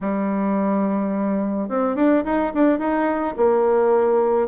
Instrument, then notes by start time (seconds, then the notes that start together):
bassoon
0.00 G3
1.68 C4
1.95 D4
2.24 D#4
2.54 D4
2.78 D#4
3.36 A#3